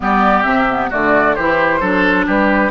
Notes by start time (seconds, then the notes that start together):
0.00 G3 B3 G4 D5
0.42 C3 C4 E5
0.69 B3
0.90 D3 A3 F#4 D5
1.34 E3 E4 G4 C5
1.80 F#3 D4 A4
2.26 G3 G4 B4